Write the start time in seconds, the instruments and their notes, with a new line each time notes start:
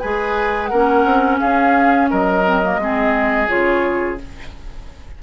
0.00 bassoon G#3, clarinet G#4, oboe B4, flute G#5
0.67 bassoon A#3, oboe A#4, flute F#5
0.73 clarinet C#4
1.05 bassoon C4
1.40 bassoon C#4, oboe G#4, flute F5
2.10 bassoon F#3, oboe A#4, flute D#5
2.45 clarinet C4
2.63 clarinet A#3
2.78 bassoon G#3, clarinet C4, oboe G#4
3.48 bassoon C#3, clarinet F4, flute C#5